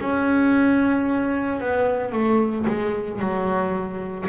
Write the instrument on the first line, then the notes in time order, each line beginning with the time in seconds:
double bass
0.00 C#4
1.60 B3
2.12 A3
2.66 G#3
3.19 F#3